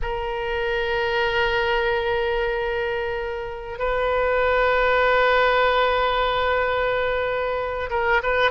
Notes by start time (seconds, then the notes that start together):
0.02 A#4
3.79 B4
7.89 A#4
8.22 B4